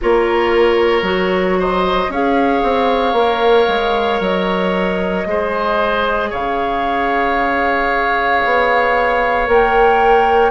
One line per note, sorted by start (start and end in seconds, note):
0.01 1.02 A#3
0.01 1.03 F4
0.01 1.59 A#4
0.01 1.59 C#5
1.02 2.07 F#3
1.02 2.08 F#4
1.59 2.11 C5
1.59 2.12 D#5
2.09 2.61 C#4
2.09 3.16 G#4
2.09 5.27 C#5
2.09 4.22 F5
2.62 3.12 C4
3.12 3.65 A#3
3.12 5.26 A#4
3.68 4.20 G#3
4.20 5.25 F#3
4.20 6.32 D#5
5.25 6.31 G#3
5.25 9.46 G#4
5.25 6.30 C5
6.30 8.44 C#3
6.30 10.51 C#5
6.30 9.48 F5
8.45 9.47 B3
9.46 10.51 A#3
9.46 10.51 A#4
9.46 10.51 G5